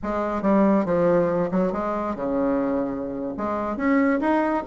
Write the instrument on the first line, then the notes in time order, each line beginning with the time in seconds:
bassoon
0.02 G#3
0.41 G3
0.85 F3
1.51 F#3
1.72 G#3
2.15 C#3
3.37 G#3
3.76 C#4
4.20 D#4